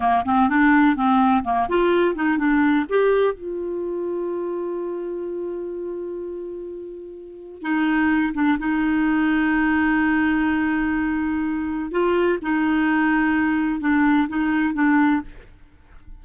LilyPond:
\new Staff \with { instrumentName = "clarinet" } { \time 4/4 \tempo 4 = 126 ais8 c'8 d'4 c'4 ais8 f'8~ | f'8 dis'8 d'4 g'4 f'4~ | f'1~ | f'1 |
dis'4. d'8 dis'2~ | dis'1~ | dis'4 f'4 dis'2~ | dis'4 d'4 dis'4 d'4 | }